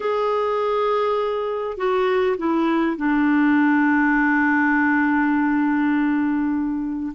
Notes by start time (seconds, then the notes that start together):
0.00 G#4
1.77 F#4
2.37 E4
2.96 D4